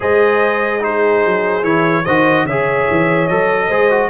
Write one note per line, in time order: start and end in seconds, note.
0.00 1.25 G#3
0.00 0.80 G#4
0.00 0.83 C5
0.00 0.83 D#5
0.80 1.62 D#4
0.80 2.04 G#4
0.80 1.64 C5
1.25 1.63 F#3
1.63 2.04 E3
1.63 2.04 E4
1.63 2.05 C#5
2.04 2.45 D#3
2.04 2.48 F#4
2.04 2.45 C5
2.04 2.46 D#5
2.45 2.86 C#3
2.45 3.30 G#4
2.45 3.67 C#5
2.45 3.28 E5
2.90 3.29 E3
3.28 3.69 F#3
3.28 3.70 A4
3.28 4.09 D#5
3.67 4.09 G#3
3.67 3.90 G#4
3.67 4.09 C5
3.90 4.09 F#4